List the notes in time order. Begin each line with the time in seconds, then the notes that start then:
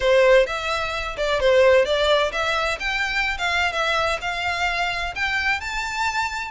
0.00 C5
0.46 E5
1.17 D5
1.40 C5
1.85 D5
2.32 E5
2.79 G5
3.38 F5
3.72 E5
4.21 F5
5.15 G5
5.60 A5